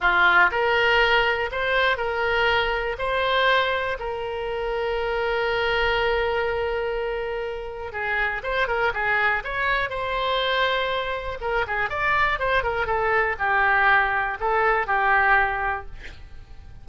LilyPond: \new Staff \with { instrumentName = "oboe" } { \time 4/4 \tempo 4 = 121 f'4 ais'2 c''4 | ais'2 c''2 | ais'1~ | ais'1 |
gis'4 c''8 ais'8 gis'4 cis''4 | c''2. ais'8 gis'8 | d''4 c''8 ais'8 a'4 g'4~ | g'4 a'4 g'2 | }